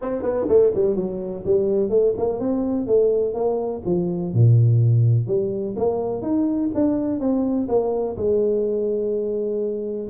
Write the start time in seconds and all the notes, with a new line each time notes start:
0.01 C4
0.22 B3
0.48 A3
0.74 G3
0.95 F#3
1.45 G3
1.89 A3
2.17 A#3
2.39 C4
2.86 A3
3.34 A#3
3.85 F3
4.33 A#2
5.27 G3
5.76 A#3
6.22 D#4
6.74 D4
7.20 C4
7.68 A#3
8.16 G#3